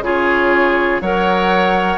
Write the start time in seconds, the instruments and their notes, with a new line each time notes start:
0.00 bassoon C#3, clarinet F4, oboe G#4, flute C#5
1.00 bassoon F#3, clarinet A#4, oboe C#5, flute F#5